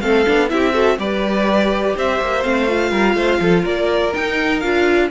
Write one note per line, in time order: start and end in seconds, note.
0.00 0.25 A3
0.00 0.26 C4
0.00 0.50 A4
0.00 0.48 F5
0.26 0.52 B3
0.26 0.48 D4
0.48 0.98 C4
0.48 0.73 E4
0.48 0.73 G4
0.48 0.98 E5
0.73 0.97 F#4
0.73 0.97 A4
0.98 1.95 G3
0.98 2.43 G4
0.98 1.96 B4
0.98 1.96 D5
1.96 2.20 C4
1.96 2.90 C5
1.96 2.43 E5
2.21 2.44 A#3
2.43 2.91 A3
2.43 2.67 C4
2.43 3.64 F5
2.67 4.12 F4
2.90 3.14 G3
2.90 3.15 A#4
3.14 3.38 A3
3.14 3.39 C5
3.40 3.64 F3
3.40 3.62 A4
3.62 4.13 A#3
3.62 5.07 A#4
3.62 4.13 D5
4.13 4.61 D#4
4.13 4.64 D#4
4.13 4.60 G5
4.60 5.11 D4
4.60 5.11 F4
4.60 5.08 F5